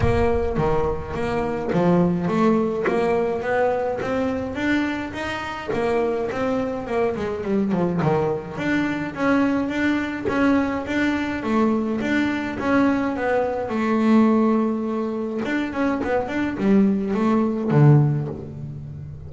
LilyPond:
\new Staff \with { instrumentName = "double bass" } { \time 4/4 \tempo 4 = 105 ais4 dis4 ais4 f4 | a4 ais4 b4 c'4 | d'4 dis'4 ais4 c'4 | ais8 gis8 g8 f8 dis4 d'4 |
cis'4 d'4 cis'4 d'4 | a4 d'4 cis'4 b4 | a2. d'8 cis'8 | b8 d'8 g4 a4 d4 | }